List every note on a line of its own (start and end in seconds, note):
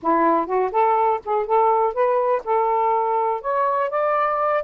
0.02 0.46 E4
0.46 0.71 F#4
0.71 1.20 A4
1.24 1.46 G#4
1.46 1.93 A4
1.93 2.42 B4
2.44 3.41 A4
3.41 3.90 C#5
3.90 4.63 D5